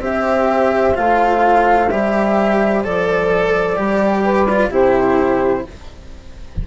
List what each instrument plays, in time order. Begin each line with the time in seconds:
0.00 bassoon C4, cello G4, saxophone C5, flute E5
0.95 bassoon A3, cello F4, flute F5
1.89 bassoon G3, cello G4, flute E5
2.85 bassoon F3, cello A4, flute D5
3.77 bassoon G3, cello G4
4.24 saxophone B4
4.50 cello F4
4.69 bassoon C3, cello E4, saxophone G4, flute C5